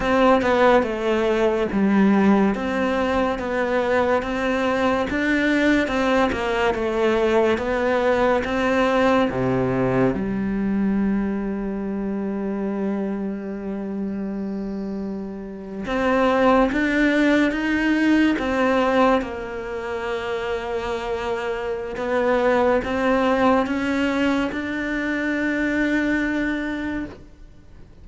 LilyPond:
\new Staff \with { instrumentName = "cello" } { \time 4/4 \tempo 4 = 71 c'8 b8 a4 g4 c'4 | b4 c'4 d'4 c'8 ais8 | a4 b4 c'4 c4 | g1~ |
g2~ g8. c'4 d'16~ | d'8. dis'4 c'4 ais4~ ais16~ | ais2 b4 c'4 | cis'4 d'2. | }